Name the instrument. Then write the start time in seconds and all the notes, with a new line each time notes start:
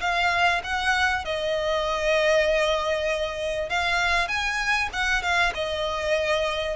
violin
0.00 F5
0.63 F#5
1.24 D#5
3.69 F5
4.27 G#5
4.93 F#5
5.22 F5
5.54 D#5